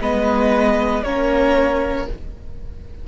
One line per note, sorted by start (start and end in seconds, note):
0.00 1.03 G#3
0.00 1.04 B3
0.00 1.04 B4
0.00 1.03 D#5
1.03 2.08 A#3
1.03 2.08 C#4
1.03 2.07 A#4
1.03 2.07 C#5